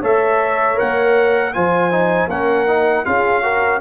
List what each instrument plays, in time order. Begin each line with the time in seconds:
0.00 tuba A3, trombone A4, horn C#5, trumpet E5
0.75 tuba A#3, trombone A#4, trumpet F#5
1.53 tuba F3, trombone F4, horn C5, trumpet G#5
1.91 trombone D#4
2.27 tuba A#3, trombone C#4, horn A#4, trumpet F#5
2.67 trombone D#4
3.05 tuba C#4, trombone F4, horn G#4, trumpet F5
3.42 trombone F#4, horn A#4